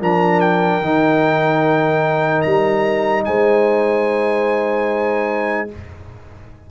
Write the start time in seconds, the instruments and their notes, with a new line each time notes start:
0.00 tuba F3, trombone D4, horn A#4, trumpet A#5
0.40 trumpet G5
0.80 tuba D#3, trombone D#4
2.42 tuba G3, trumpet A#5
3.25 tuba G#3, horn C5, trumpet G#5